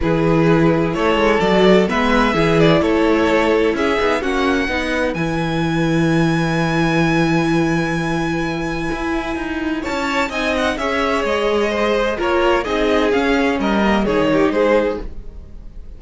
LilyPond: <<
  \new Staff \with { instrumentName = "violin" } { \time 4/4 \tempo 4 = 128 b'2 cis''4 d''4 | e''4. d''8 cis''2 | e''4 fis''2 gis''4~ | gis''1~ |
gis''1~ | gis''4 a''4 gis''8 fis''8 e''4 | dis''2 cis''4 dis''4 | f''4 dis''4 cis''4 c''4 | }
  \new Staff \with { instrumentName = "violin" } { \time 4/4 gis'2 a'2 | b'4 gis'4 a'2 | gis'4 fis'4 b'2~ | b'1~ |
b'1~ | b'4 cis''4 dis''4 cis''4~ | cis''4 c''4 ais'4 gis'4~ | gis'4 ais'4 gis'8 g'8 gis'4 | }
  \new Staff \with { instrumentName = "viola" } { \time 4/4 e'2. fis'4 | b4 e'2.~ | e'8 dis'8 cis'4 dis'4 e'4~ | e'1~ |
e'1~ | e'2 dis'4 gis'4~ | gis'2 f'4 dis'4 | cis'4. ais8 dis'2 | }
  \new Staff \with { instrumentName = "cello" } { \time 4/4 e2 a8 gis8 fis4 | gis4 e4 a2 | cis'8 b8 ais4 b4 e4~ | e1~ |
e2. e'4 | dis'4 cis'4 c'4 cis'4 | gis2 ais4 c'4 | cis'4 g4 dis4 gis4 | }
>>